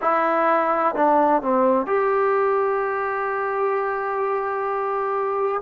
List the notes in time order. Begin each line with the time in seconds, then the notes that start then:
0.01 E4
0.95 D4
1.42 C4
1.86 G4